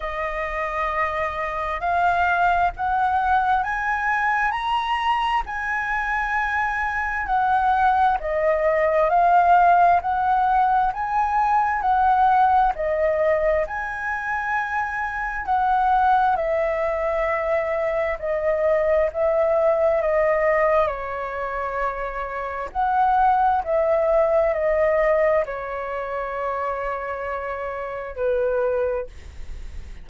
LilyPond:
\new Staff \with { instrumentName = "flute" } { \time 4/4 \tempo 4 = 66 dis''2 f''4 fis''4 | gis''4 ais''4 gis''2 | fis''4 dis''4 f''4 fis''4 | gis''4 fis''4 dis''4 gis''4~ |
gis''4 fis''4 e''2 | dis''4 e''4 dis''4 cis''4~ | cis''4 fis''4 e''4 dis''4 | cis''2. b'4 | }